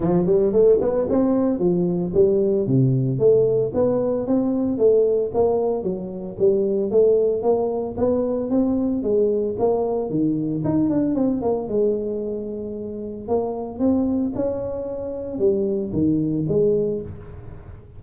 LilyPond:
\new Staff \with { instrumentName = "tuba" } { \time 4/4 \tempo 4 = 113 f8 g8 a8 b8 c'4 f4 | g4 c4 a4 b4 | c'4 a4 ais4 fis4 | g4 a4 ais4 b4 |
c'4 gis4 ais4 dis4 | dis'8 d'8 c'8 ais8 gis2~ | gis4 ais4 c'4 cis'4~ | cis'4 g4 dis4 gis4 | }